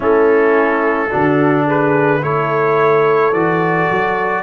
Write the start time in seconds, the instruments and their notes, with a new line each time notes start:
0.00 tuba A3, trombone C#4, horn E4, trumpet A4
1.09 tuba D3, trombone D4, horn F#4
1.66 horn G#4, trumpet B4
2.22 tuba A3, trombone E4, horn A4, trumpet C#5
3.32 tuba E3, trombone F#4, trumpet D5
3.90 tuba F#3